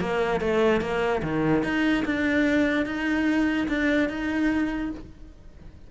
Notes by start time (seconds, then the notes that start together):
0.00 A#3
0.40 A3
0.81 A#3
1.22 D#3
1.63 D#4
2.05 D4
2.85 D#4
3.68 D4
4.09 D#4